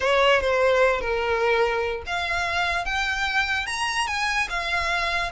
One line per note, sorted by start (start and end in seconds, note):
0.00 0.40 C#5
0.40 1.00 C5
1.00 2.02 A#4
2.06 2.85 F5
2.85 3.66 G5
3.66 4.07 A#5
4.07 4.48 G#5
4.49 5.31 F5